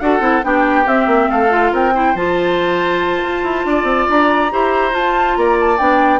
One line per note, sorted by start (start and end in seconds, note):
0.00 0.20 D4
0.00 0.20 F#4
0.00 0.45 A4
0.00 0.43 F#5
0.20 0.41 C4
0.20 0.42 E4
0.42 0.86 B3
0.42 0.85 D4
0.42 1.29 G4
0.42 0.87 G5
0.86 1.06 C4
0.86 1.49 C4
0.86 1.30 E5
1.06 1.28 A#3
1.29 1.72 A3
1.29 1.72 A4
1.29 1.73 F5
1.49 1.92 F4
1.72 2.14 C4
1.72 1.93 A#4
1.72 2.16 G5
1.93 2.15 E4
1.93 3.66 C5
2.14 3.22 F3
2.14 4.51 F4
2.14 4.09 A5
3.23 3.43 F4
3.43 3.64 E4
3.65 3.83 D4
3.65 4.52 D5
3.83 4.05 C4
4.09 4.52 D4
4.09 4.95 A#5
4.51 4.93 E4
4.51 4.91 G4
4.51 5.37 C5
4.91 5.77 F4
4.91 5.35 F4
4.91 5.36 A5
5.36 5.79 A#3
5.36 6.20 D5
5.36 5.57 A#5
5.60 5.77 A5
5.77 6.20 B3
5.77 6.20 D4
5.77 6.20 G5